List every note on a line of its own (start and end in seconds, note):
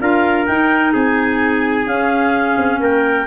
0.00 0.47 D4
0.00 0.47 F4
0.00 0.93 A#4
0.00 0.46 F5
0.46 1.87 D#4
0.46 0.94 D#4
0.46 0.93 G5
0.93 1.86 C4
0.93 2.80 G#4
0.93 1.87 G#5
1.86 2.57 C#4
1.86 3.27 C#4
1.86 2.80 F5
2.57 2.79 C4
2.79 3.26 A#3
2.79 3.27 A#4
2.79 3.27 G5